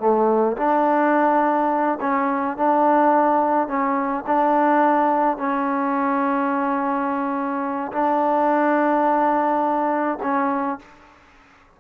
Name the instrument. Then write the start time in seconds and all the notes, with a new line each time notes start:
trombone
0.00 A3
0.57 D4
2.01 C#4
2.57 D4
3.68 C#4
4.27 D4
5.37 C#4
7.92 D4
10.23 C#4